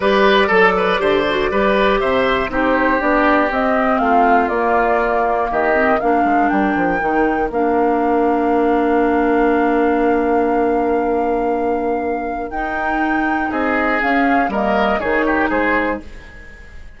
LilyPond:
<<
  \new Staff \with { instrumentName = "flute" } { \time 4/4 \tempo 4 = 120 d''1 | e''4 c''4 d''4 dis''4 | f''4 d''2 dis''4 | f''4 g''2 f''4~ |
f''1~ | f''1~ | f''4 g''2 dis''4 | f''4 dis''4 cis''4 c''4 | }
  \new Staff \with { instrumentName = "oboe" } { \time 4/4 b'4 a'8 b'8 c''4 b'4 | c''4 g'2. | f'2. g'4 | ais'1~ |
ais'1~ | ais'1~ | ais'2. gis'4~ | gis'4 ais'4 gis'8 g'8 gis'4 | }
  \new Staff \with { instrumentName = "clarinet" } { \time 4/4 g'4 a'4 g'8 fis'8 g'4~ | g'4 dis'4 d'4 c'4~ | c'4 ais2~ ais8 c'8 | d'2 dis'4 d'4~ |
d'1~ | d'1~ | d'4 dis'2. | cis'4 ais4 dis'2 | }
  \new Staff \with { instrumentName = "bassoon" } { \time 4/4 g4 fis4 d4 g4 | c4 c'4 b4 c'4 | a4 ais2 dis4 | ais8 gis8 g8 f8 dis4 ais4~ |
ais1~ | ais1~ | ais4 dis'2 c'4 | cis'4 g4 dis4 gis4 | }
>>